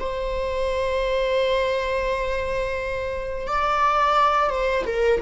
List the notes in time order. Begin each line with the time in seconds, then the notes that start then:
0.00 C5
3.48 D5
4.51 C5
4.87 A#4